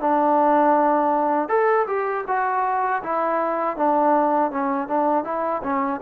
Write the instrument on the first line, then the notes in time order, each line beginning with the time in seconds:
trombone
0.00 D4
1.48 A4
1.87 G4
2.27 F#4
3.02 E4
3.76 D4
4.51 C#4
4.87 D4
5.24 E4
5.62 C#4